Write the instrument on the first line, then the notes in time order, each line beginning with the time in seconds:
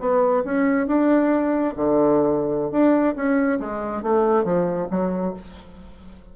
bassoon
0.00 B3
0.45 C#4
0.87 D4
1.76 D3
2.72 D4
3.16 C#4
3.60 G#3
4.03 A3
4.45 F3
4.91 F#3